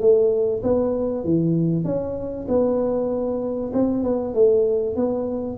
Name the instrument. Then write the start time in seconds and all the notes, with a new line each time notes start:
tuba
0.00 A3
0.63 B3
1.24 E3
1.84 C#4
2.48 B3
3.73 C4
4.03 B3
4.34 A3
4.96 B3